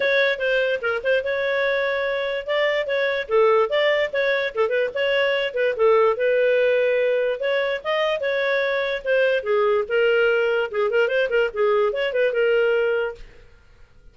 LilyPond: \new Staff \with { instrumentName = "clarinet" } { \time 4/4 \tempo 4 = 146 cis''4 c''4 ais'8 c''8 cis''4~ | cis''2 d''4 cis''4 | a'4 d''4 cis''4 a'8 b'8 | cis''4. b'8 a'4 b'4~ |
b'2 cis''4 dis''4 | cis''2 c''4 gis'4 | ais'2 gis'8 ais'8 c''8 ais'8 | gis'4 cis''8 b'8 ais'2 | }